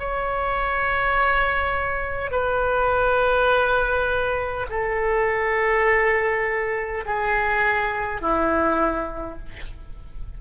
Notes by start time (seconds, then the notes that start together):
0.00 C#5
2.32 B4
4.70 A4
7.06 G#4
8.22 E4